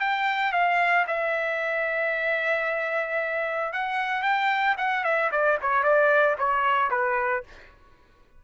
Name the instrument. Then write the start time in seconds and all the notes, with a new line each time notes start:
trumpet
0.00 G5
0.53 F5
1.07 E5
3.73 F#5
4.22 G5
4.78 F#5
5.04 E5
5.32 D5
5.62 C#5
5.83 D5
6.38 C#5
6.91 B4